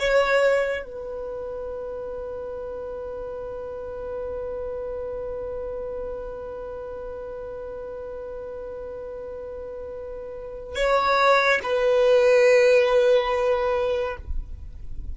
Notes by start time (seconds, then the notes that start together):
0.00 C#5
0.85 B4
10.76 C#5
11.64 B4